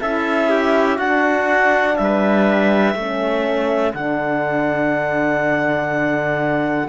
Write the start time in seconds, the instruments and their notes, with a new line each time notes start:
0.00 cello C#4, horn E4, trumpet A4, clarinet E5
0.50 trumpet G4
0.96 cello D4, horn D4, trumpet F#4, clarinet F#5
1.96 cello G3, clarinet E5
2.03 trumpet B4
2.94 cello A3, horn C#4, trumpet A4
3.93 cello D3, horn D4, clarinet F#5